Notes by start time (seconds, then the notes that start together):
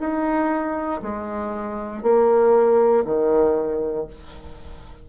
0.00 D#4
1.03 G#3
2.03 A#3
3.06 D#3